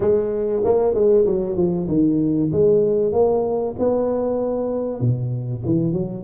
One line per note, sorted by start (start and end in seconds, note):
0.00 0.62 G#3
0.64 0.94 A#3
0.94 1.25 G#3
1.26 1.56 F#3
1.56 1.87 F3
1.88 2.50 D#3
2.52 3.12 G#3
3.12 3.75 A#3
3.78 5.00 B3
5.00 5.62 B2
5.65 5.92 E3
5.92 6.23 F#3